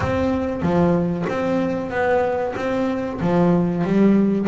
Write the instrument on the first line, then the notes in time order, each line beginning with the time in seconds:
double bass
0.00 C4
0.62 F3
1.28 C4
1.90 B3
2.56 C4
3.20 F3
3.84 G3